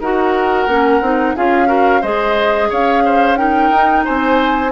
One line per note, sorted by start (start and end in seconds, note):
0.00 0.67 D#4
0.00 0.69 F#4
0.00 1.36 A#4
0.00 1.36 F#5
0.67 1.01 A#3
0.67 1.02 C#4
1.01 1.35 C4
1.01 1.36 D#4
1.36 2.03 C#4
1.36 1.67 F4
1.36 1.68 G#4
1.36 2.03 F5
1.67 2.00 F#4
1.67 2.01 A#4
2.01 2.71 G#3
2.01 3.37 G#4
2.01 2.69 C5
2.01 2.70 D#5
2.70 3.71 C#4
2.70 3.03 C#5
2.70 3.37 F5
3.05 3.39 C5
3.37 4.71 D#4
3.37 4.05 A#4
3.37 4.04 G5
3.71 4.04 D#4
4.05 4.72 C4
4.05 4.72 C5
4.05 4.72 G#5